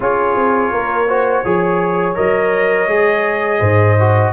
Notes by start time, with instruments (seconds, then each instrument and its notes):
0.00 tuba C#4, trombone F4, horn G#4, trumpet C#5
0.35 tuba C4
0.71 tuba A#3, horn A#4
1.07 trombone F#4, horn C5
1.43 tuba F3, trombone G#4, horn C#5
2.15 tuba F#3, trombone A#4, trumpet D#5
2.87 tuba G#3, trombone G#4
3.59 tuba G#2, horn C5
3.99 trombone F#4